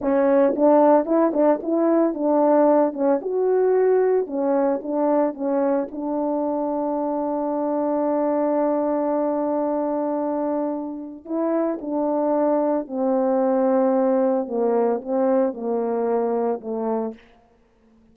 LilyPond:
\new Staff \with { instrumentName = "horn" } { \time 4/4 \tempo 4 = 112 cis'4 d'4 e'8 d'8 e'4 | d'4. cis'8 fis'2 | cis'4 d'4 cis'4 d'4~ | d'1~ |
d'1~ | d'4 e'4 d'2 | c'2. ais4 | c'4 ais2 a4 | }